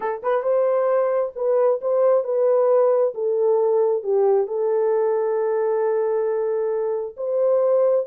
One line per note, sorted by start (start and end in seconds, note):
0.00 0.22 A4
0.22 0.42 B4
0.42 1.32 C5
1.35 1.80 B4
1.81 2.24 C5
2.24 3.13 B4
3.14 4.03 A4
4.03 4.47 G4
4.47 7.15 A4
7.16 8.06 C5